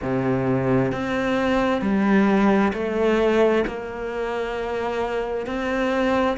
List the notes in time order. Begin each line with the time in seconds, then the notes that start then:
0.02 C3
0.91 C4
1.81 G3
2.73 A3
3.67 A#3
5.46 C4